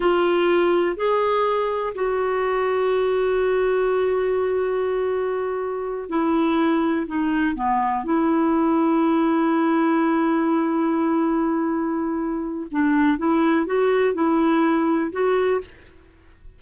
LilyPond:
\new Staff \with { instrumentName = "clarinet" } { \time 4/4 \tempo 4 = 123 f'2 gis'2 | fis'1~ | fis'1~ | fis'8 e'2 dis'4 b8~ |
b8 e'2.~ e'8~ | e'1~ | e'2 d'4 e'4 | fis'4 e'2 fis'4 | }